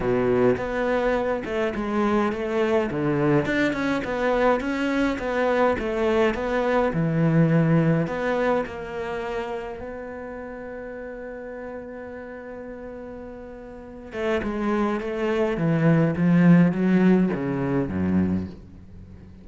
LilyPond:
\new Staff \with { instrumentName = "cello" } { \time 4/4 \tempo 4 = 104 b,4 b4. a8 gis4 | a4 d4 d'8 cis'8 b4 | cis'4 b4 a4 b4 | e2 b4 ais4~ |
ais4 b2.~ | b1~ | b8 a8 gis4 a4 e4 | f4 fis4 cis4 fis,4 | }